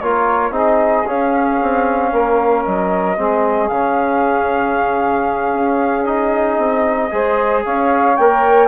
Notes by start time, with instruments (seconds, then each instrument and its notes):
0.00 bassoon A#3, trombone F4, saxophone A#4, flute C#5
0.50 bassoon C4, trombone D#4, saxophone G#4, flute D#5
1.07 trombone C#4, bassoon C#4, flute F5
1.61 bassoon C4
2.12 bassoon A#3, saxophone A#4
2.64 bassoon F#3, flute D#5
3.17 bassoon G#3, trombone C4, saxophone G#4
3.68 bassoon C#3, trombone C#4, flute F5
5.53 bassoon C#4
6.04 trombone D#4, flute D#5
6.57 bassoon C4
7.10 bassoon G#3, trombone G#4, saxophone C5
7.63 bassoon C#4, saxophone C#5, flute F5
8.16 bassoon A#3, trombone A#4, flute G5